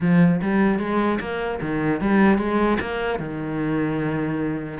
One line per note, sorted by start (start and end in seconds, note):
0.01 0.41 F3
0.41 0.79 G3
0.79 1.19 G#3
1.20 1.60 A#3
1.61 2.01 D#3
2.01 2.38 G3
2.38 2.78 G#3
2.80 3.19 A#3
3.19 4.79 D#3